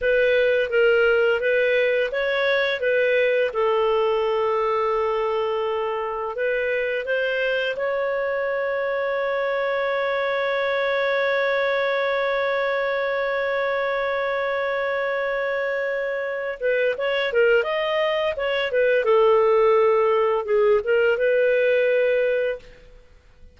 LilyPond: \new Staff \with { instrumentName = "clarinet" } { \time 4/4 \tempo 4 = 85 b'4 ais'4 b'4 cis''4 | b'4 a'2.~ | a'4 b'4 c''4 cis''4~ | cis''1~ |
cis''1~ | cis''2.~ cis''8 b'8 | cis''8 ais'8 dis''4 cis''8 b'8 a'4~ | a'4 gis'8 ais'8 b'2 | }